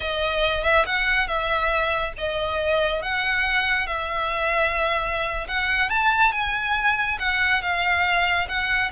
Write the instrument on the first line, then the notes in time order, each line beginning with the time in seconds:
violin
0.00 D#5
0.63 E5
0.86 F#5
1.27 E5
2.17 D#5
3.02 F#5
3.86 E5
5.48 F#5
5.89 A5
6.32 G#5
7.19 F#5
7.62 F5
8.48 F#5